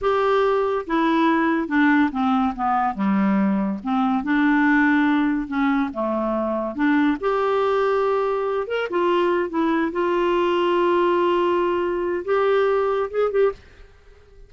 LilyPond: \new Staff \with { instrumentName = "clarinet" } { \time 4/4 \tempo 4 = 142 g'2 e'2 | d'4 c'4 b4 g4~ | g4 c'4 d'2~ | d'4 cis'4 a2 |
d'4 g'2.~ | g'8 ais'8 f'4. e'4 f'8~ | f'1~ | f'4 g'2 gis'8 g'8 | }